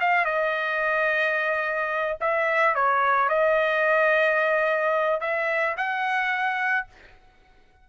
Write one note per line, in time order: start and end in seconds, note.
0.00 0.25 F5
0.25 2.17 D#5
2.20 2.75 E5
2.75 3.29 C#5
3.29 5.20 D#5
5.20 5.75 E5
5.77 6.87 F#5